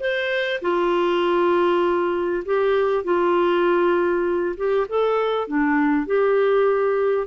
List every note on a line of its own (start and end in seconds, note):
0.00 0.61 C5
0.62 2.44 F4
2.45 3.04 G4
3.04 4.56 F4
4.57 4.87 G4
4.89 5.48 A4
5.48 6.07 D4
6.07 7.28 G4